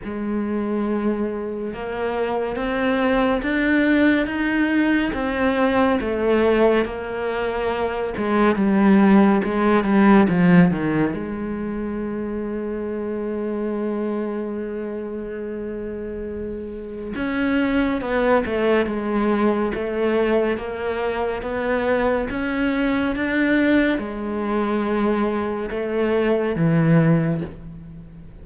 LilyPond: \new Staff \with { instrumentName = "cello" } { \time 4/4 \tempo 4 = 70 gis2 ais4 c'4 | d'4 dis'4 c'4 a4 | ais4. gis8 g4 gis8 g8 | f8 dis8 gis2.~ |
gis1 | cis'4 b8 a8 gis4 a4 | ais4 b4 cis'4 d'4 | gis2 a4 e4 | }